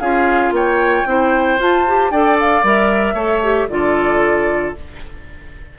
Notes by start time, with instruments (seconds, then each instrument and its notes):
0.00 bassoon C#4, clarinet F4, oboe G#4, flute F5
0.51 bassoon A#3, oboe C#5, flute G5
1.06 bassoon C4, clarinet E4, oboe C5
1.59 bassoon F4, clarinet F4, flute A5
1.88 clarinet G4
2.11 bassoon D4, clarinet A4, oboe D5, flute G5
2.40 flute F5
2.63 bassoon G3, clarinet A#4, flute E5
3.14 bassoon A3, clarinet A4, oboe C#5
3.43 clarinet G4
3.70 bassoon D3, clarinet F4, oboe A4, flute D5